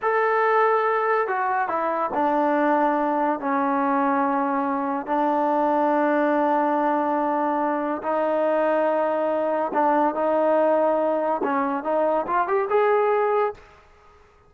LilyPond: \new Staff \with { instrumentName = "trombone" } { \time 4/4 \tempo 4 = 142 a'2. fis'4 | e'4 d'2. | cis'1 | d'1~ |
d'2. dis'4~ | dis'2. d'4 | dis'2. cis'4 | dis'4 f'8 g'8 gis'2 | }